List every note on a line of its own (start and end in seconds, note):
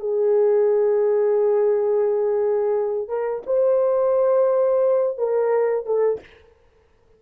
0.00 3.08 G#4
3.08 3.43 A#4
3.46 5.18 C5
5.18 5.86 A#4
5.86 6.20 A4